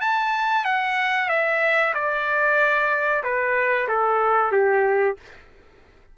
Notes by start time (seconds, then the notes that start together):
0.00 A5
0.64 F#5
1.29 E5
1.94 D5
3.23 B4
3.88 A4
4.52 G4